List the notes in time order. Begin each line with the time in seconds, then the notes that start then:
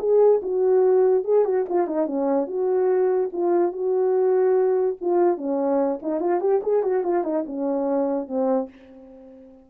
0.00 G#4
0.43 F#4
1.25 G#4
1.46 F#4
1.69 F4
1.87 D#4
2.07 C#4
2.47 F#4
3.33 F4
3.72 F#4
5.02 F4
5.38 C#4
6.03 D#4
6.21 F4
6.41 G4
6.63 G#4
6.83 F#4
7.04 F4
7.24 D#4
7.47 C#4
8.28 C4